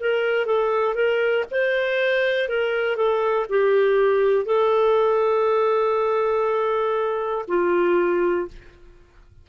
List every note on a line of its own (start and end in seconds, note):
0.00 0.45 A#4
0.45 0.95 A4
0.95 1.45 A#4
1.51 2.48 C5
2.48 2.96 A#4
2.96 3.46 A4
3.50 4.45 G4
4.45 7.45 A4
7.47 8.47 F4